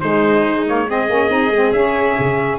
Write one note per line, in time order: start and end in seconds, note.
0.00 0.66 G#3
0.00 1.09 G#3
0.00 0.88 D#4
0.00 0.65 C5
0.66 0.88 A#3
0.66 0.90 C#5
0.89 1.09 C4
0.89 2.58 G#4
0.89 1.72 D#5
1.09 1.30 A#3
1.09 1.29 C#4
1.29 1.50 C4
1.29 1.51 D#4
1.50 1.71 G#3
1.50 1.74 C4
1.72 2.15 C#4
1.72 2.58 C#4
1.72 2.58 E5
2.19 2.58 C#3